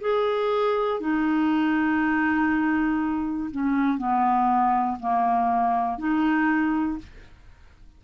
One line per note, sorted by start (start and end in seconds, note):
0.00 1.00 G#4
1.00 3.50 D#4
3.50 3.98 C#4
3.98 4.98 B3
5.00 5.98 A#3
5.98 6.98 D#4